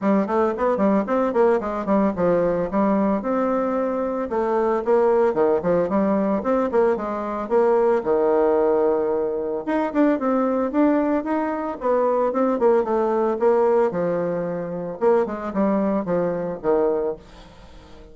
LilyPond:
\new Staff \with { instrumentName = "bassoon" } { \time 4/4 \tempo 4 = 112 g8 a8 b8 g8 c'8 ais8 gis8 g8 | f4 g4 c'2 | a4 ais4 dis8 f8 g4 | c'8 ais8 gis4 ais4 dis4~ |
dis2 dis'8 d'8 c'4 | d'4 dis'4 b4 c'8 ais8 | a4 ais4 f2 | ais8 gis8 g4 f4 dis4 | }